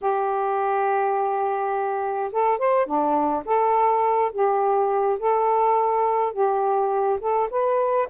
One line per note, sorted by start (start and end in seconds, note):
0.01 2.31 G4
2.32 2.58 A4
2.58 2.86 C5
2.86 3.43 D4
3.45 4.31 A4
4.32 5.18 G4
5.19 6.32 A4
6.32 7.19 G4
7.20 7.49 A4
7.50 8.08 B4